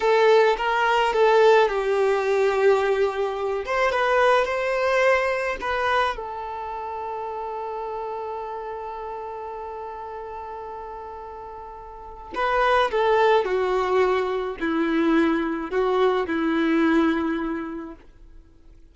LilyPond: \new Staff \with { instrumentName = "violin" } { \time 4/4 \tempo 4 = 107 a'4 ais'4 a'4 g'4~ | g'2~ g'8 c''8 b'4 | c''2 b'4 a'4~ | a'1~ |
a'1~ | a'2 b'4 a'4 | fis'2 e'2 | fis'4 e'2. | }